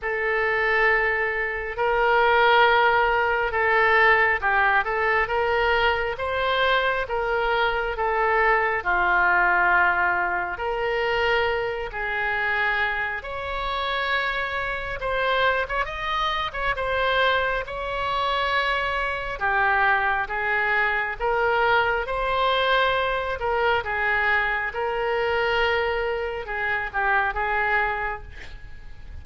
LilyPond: \new Staff \with { instrumentName = "oboe" } { \time 4/4 \tempo 4 = 68 a'2 ais'2 | a'4 g'8 a'8 ais'4 c''4 | ais'4 a'4 f'2 | ais'4. gis'4. cis''4~ |
cis''4 c''8. cis''16 dis''8. cis''16 c''4 | cis''2 g'4 gis'4 | ais'4 c''4. ais'8 gis'4 | ais'2 gis'8 g'8 gis'4 | }